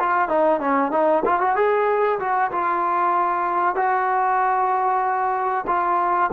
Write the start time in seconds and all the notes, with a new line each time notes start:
0.00 F4
0.29 D#4
0.61 C#4
0.92 D#4
1.26 F4
1.41 F#4
1.56 G#4
2.20 F#4
2.52 F4
3.76 F#4
5.67 F4